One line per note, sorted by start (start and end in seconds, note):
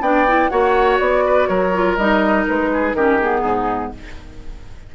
0.00 0.49 B3
0.00 0.27 D4
0.00 0.50 D5
0.00 0.49 G5
0.27 0.50 E4
0.49 0.99 A#3
0.49 1.72 F#4
0.49 1.24 C#5
0.49 0.98 F#5
0.99 1.48 B3
0.99 1.47 D5
1.26 1.48 B4
1.47 1.97 F#3
1.47 2.70 A#4
1.47 1.96 C#5
1.73 1.98 F4
1.96 2.46 G3
1.96 2.96 D#4
1.96 2.45 D#5
2.48 2.93 G#3
2.48 2.94 B4
2.73 2.96 G#4
2.93 3.42 D#3
2.93 3.20 C#4
2.93 3.40 G4
2.93 3.18 A#4
3.19 3.95 B3
3.19 3.92 G#4
3.40 3.93 G#2
3.40 3.89 D#4